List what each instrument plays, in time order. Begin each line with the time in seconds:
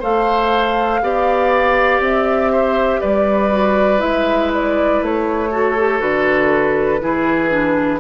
0.00 bassoon A3, clarinet A4, oboe C5, flute F5
1.02 bassoon B3, clarinet G4, oboe D5
2.00 bassoon C4, flute E5
2.52 oboe C5
3.01 bassoon G3, oboe B4, flute D5
3.51 clarinet F#4
3.99 bassoon G#3, clarinet E4, flute E5
4.54 flute D5
5.02 bassoon A3, flute C#5
5.51 clarinet F#4, oboe A4
5.78 clarinet G4
5.99 bassoon D3, clarinet F#4, flute B4
7.00 bassoon E3, clarinet E4, oboe G#4
7.50 clarinet D4